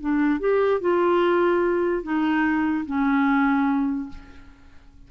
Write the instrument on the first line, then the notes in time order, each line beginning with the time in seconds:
clarinet
0.00 D4
0.40 G4
0.81 F4
2.03 D#4
2.86 C#4